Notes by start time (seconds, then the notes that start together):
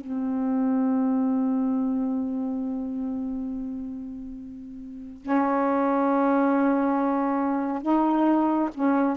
0.00 C4
5.22 C#4
7.82 D#4
8.74 C#4